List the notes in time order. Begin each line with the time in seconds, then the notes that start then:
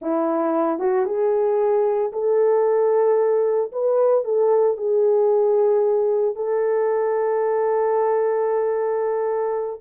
0.01 E4
0.79 F#4
1.05 G#4
2.12 A4
3.72 B4
4.24 A4
4.77 G#4
6.35 A4